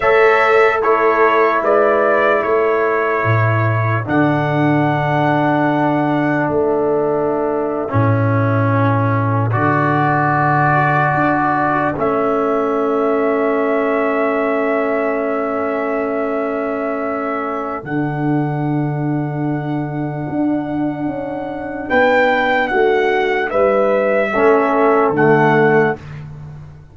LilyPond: <<
  \new Staff \with { instrumentName = "trumpet" } { \time 4/4 \tempo 4 = 74 e''4 cis''4 d''4 cis''4~ | cis''4 fis''2. | e''2.~ e''8. d''16~ | d''2~ d''8. e''4~ e''16~ |
e''1~ | e''2 fis''2~ | fis''2. g''4 | fis''4 e''2 fis''4 | }
  \new Staff \with { instrumentName = "horn" } { \time 4/4 cis''4 a'4 b'4 a'4~ | a'1~ | a'1~ | a'1~ |
a'1~ | a'1~ | a'2. b'4 | fis'4 b'4 a'2 | }
  \new Staff \with { instrumentName = "trombone" } { \time 4/4 a'4 e'2.~ | e'4 d'2.~ | d'4.~ d'16 cis'2 fis'16~ | fis'2~ fis'8. cis'4~ cis'16~ |
cis'1~ | cis'2 d'2~ | d'1~ | d'2 cis'4 a4 | }
  \new Staff \with { instrumentName = "tuba" } { \time 4/4 a2 gis4 a4 | a,4 d2. | a4.~ a16 a,2 d16~ | d4.~ d16 d'4 a4~ a16~ |
a1~ | a2 d2~ | d4 d'4 cis'4 b4 | a4 g4 a4 d4 | }
>>